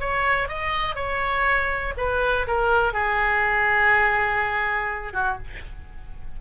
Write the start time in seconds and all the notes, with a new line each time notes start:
0.00 C#5
0.49 D#5
0.95 C#5
1.97 B4
2.47 A#4
2.94 G#4
5.13 F#4